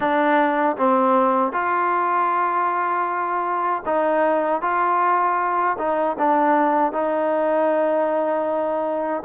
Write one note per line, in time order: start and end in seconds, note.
0.00 0.76 D4
0.76 1.52 C4
1.52 3.83 F4
3.85 4.61 D#4
4.61 5.77 F4
5.78 6.16 D#4
6.18 6.92 D4
6.92 9.23 D#4